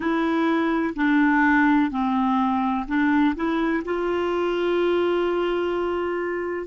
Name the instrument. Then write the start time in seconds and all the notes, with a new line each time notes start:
clarinet
0.00 E4
0.95 D4
1.90 C4
2.87 D4
3.35 E4
3.84 F4